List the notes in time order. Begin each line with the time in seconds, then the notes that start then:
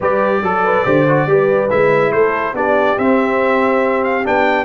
0.00 G3 G4 B4 D5
0.41 F#3 A4
0.64 B4
0.84 D3 G4 C5
1.08 F#4
1.25 G3 G4 B4
1.70 G#3 E4 E5
2.12 A3 A4 C5
2.53 B3 D4 G4 D5
2.97 C4 E5
4.03 F5
4.24 B3 D4 G5